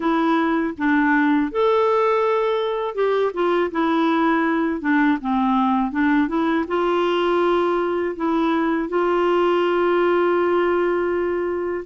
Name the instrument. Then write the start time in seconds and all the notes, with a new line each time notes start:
clarinet
0.00 E4
0.77 D4
1.51 A4
2.95 G4
3.33 F4
3.71 E4
4.80 D4
5.21 C4
5.91 D4
6.28 E4
6.67 F4
8.15 E4
8.88 F4